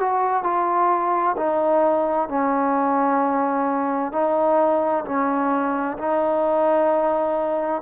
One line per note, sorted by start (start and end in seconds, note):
0.00 0.43 F#4
0.43 1.36 F4
1.37 2.29 D#4
2.29 4.12 C#4
4.12 5.04 D#4
5.05 5.97 C#4
5.98 7.82 D#4